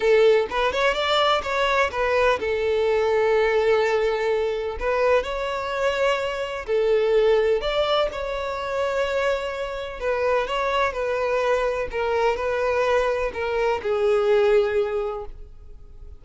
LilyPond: \new Staff \with { instrumentName = "violin" } { \time 4/4 \tempo 4 = 126 a'4 b'8 cis''8 d''4 cis''4 | b'4 a'2.~ | a'2 b'4 cis''4~ | cis''2 a'2 |
d''4 cis''2.~ | cis''4 b'4 cis''4 b'4~ | b'4 ais'4 b'2 | ais'4 gis'2. | }